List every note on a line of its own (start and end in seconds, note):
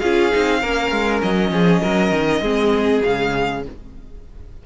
0.00 0.33 C#4
0.00 0.31 F4
0.00 0.60 G#4
0.00 1.20 F5
0.31 0.63 C4
0.31 0.61 D#4
0.61 0.92 A#3
0.61 2.44 C#4
0.61 1.51 A#4
0.92 1.22 G#3
1.23 1.51 F#3
1.23 3.03 D#5
1.51 1.81 F3
1.51 1.82 G#4
1.82 2.12 F#3
1.82 2.42 A#4
2.12 2.41 D#3
2.41 3.01 G#3
2.41 3.04 C4
2.41 3.62 G#4
3.04 3.67 C#3
3.04 3.65 G#3
3.04 3.64 F5